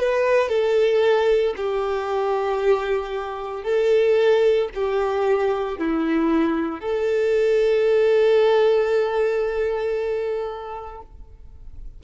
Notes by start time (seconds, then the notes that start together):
0.00 B4
0.49 A4
1.57 G4
3.64 A4
4.75 G4
5.78 E4
6.81 A4